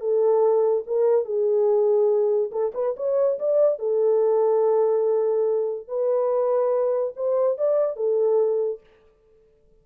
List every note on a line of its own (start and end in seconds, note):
0.00 0.84 A4
0.86 1.25 A#4
1.25 2.51 G#4
2.51 2.72 A4
2.74 2.95 B4
2.97 3.39 C#5
3.39 3.79 D5
3.79 5.88 A4
5.88 7.14 B4
7.16 7.58 C5
7.58 7.96 D5
7.96 8.80 A4